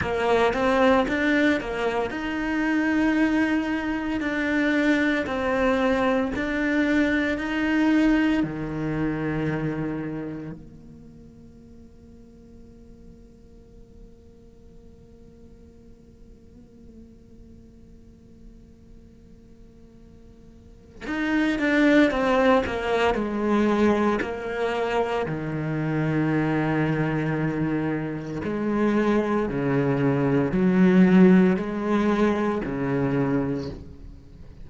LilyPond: \new Staff \with { instrumentName = "cello" } { \time 4/4 \tempo 4 = 57 ais8 c'8 d'8 ais8 dis'2 | d'4 c'4 d'4 dis'4 | dis2 ais2~ | ais1~ |
ais1 | dis'8 d'8 c'8 ais8 gis4 ais4 | dis2. gis4 | cis4 fis4 gis4 cis4 | }